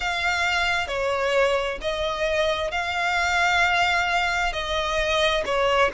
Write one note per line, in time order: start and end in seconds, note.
0.00 0.87 F5
0.87 1.78 C#5
1.81 2.71 D#5
2.71 4.52 F5
4.52 5.43 D#5
5.45 5.90 C#5